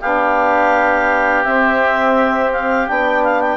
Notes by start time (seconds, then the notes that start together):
0.00 B3 D4 G4 F5
1.44 C4 E5
2.52 F5
2.87 B3 D4 G5
3.24 F5
3.41 G5